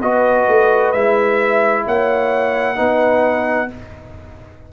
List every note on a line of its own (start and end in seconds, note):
0.00 0.48 B3
0.00 0.95 F#4
0.00 1.85 B4
0.00 0.92 D#5
0.48 0.94 A3
0.92 1.86 G#3
0.92 2.76 E4
0.92 1.85 E5
1.85 2.79 A#3
1.85 2.77 C#5
1.85 3.73 F#5
2.76 3.72 B3
2.76 3.68 D#4
2.76 3.69 B4